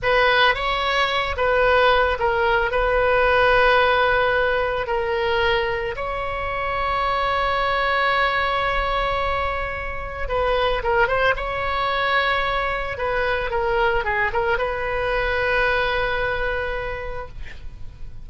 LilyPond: \new Staff \with { instrumentName = "oboe" } { \time 4/4 \tempo 4 = 111 b'4 cis''4. b'4. | ais'4 b'2.~ | b'4 ais'2 cis''4~ | cis''1~ |
cis''2. b'4 | ais'8 c''8 cis''2. | b'4 ais'4 gis'8 ais'8 b'4~ | b'1 | }